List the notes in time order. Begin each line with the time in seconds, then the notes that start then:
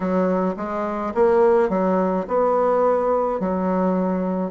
0.00 F#3
0.57 G#3
1.14 A#3
1.69 F#3
2.27 B3
3.40 F#3